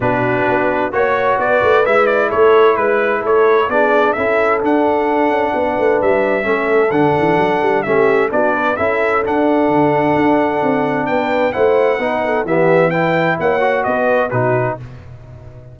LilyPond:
<<
  \new Staff \with { instrumentName = "trumpet" } { \time 4/4 \tempo 4 = 130 b'2 cis''4 d''4 | e''8 d''8 cis''4 b'4 cis''4 | d''4 e''4 fis''2~ | fis''4 e''2 fis''4~ |
fis''4 e''4 d''4 e''4 | fis''1 | g''4 fis''2 e''4 | g''4 fis''4 dis''4 b'4 | }
  \new Staff \with { instrumentName = "horn" } { \time 4/4 fis'2 cis''4 b'4~ | b'4 a'4 b'4 a'4 | gis'4 a'2. | b'2 a'2~ |
a'4 g'4 fis'8 b'8 a'4~ | a'1 | b'4 c''4 b'8 a'8 g'4 | b'4 cis''4 b'4 fis'4 | }
  \new Staff \with { instrumentName = "trombone" } { \time 4/4 d'2 fis'2 | e'1 | d'4 e'4 d'2~ | d'2 cis'4 d'4~ |
d'4 cis'4 d'4 e'4 | d'1~ | d'4 e'4 dis'4 b4 | e'4. fis'4. dis'4 | }
  \new Staff \with { instrumentName = "tuba" } { \time 4/4 b,4 b4 ais4 b8 a8 | gis4 a4 gis4 a4 | b4 cis'4 d'4. cis'8 | b8 a8 g4 a4 d8 e8 |
fis8 g8 a4 b4 cis'4 | d'4 d4 d'4 c'4 | b4 a4 b4 e4~ | e4 ais4 b4 b,4 | }
>>